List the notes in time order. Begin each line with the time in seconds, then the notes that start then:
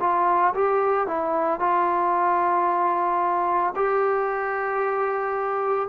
0.00 F4
0.54 G4
1.07 E4
1.60 F4
3.75 G4